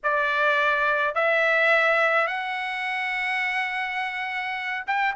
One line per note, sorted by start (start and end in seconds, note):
0.03 1.14 D5
1.14 2.27 E5
2.27 4.84 F#5
4.86 5.15 G5